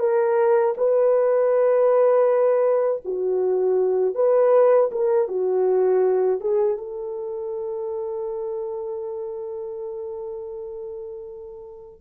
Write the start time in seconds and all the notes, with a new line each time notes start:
0.00 A#4
0.77 B4
3.05 F#4
4.15 B4
4.92 A#4
5.28 F#4
6.41 G#4
6.78 A4